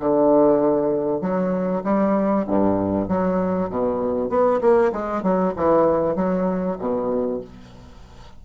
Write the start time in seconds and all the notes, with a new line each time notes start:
0.00 D3
1.21 F#3
1.84 G3
2.48 G2
3.08 F#3
3.70 B2
4.30 B3
4.61 A#3
4.93 G#3
5.23 F#3
5.57 E3
6.16 F#3
6.79 B2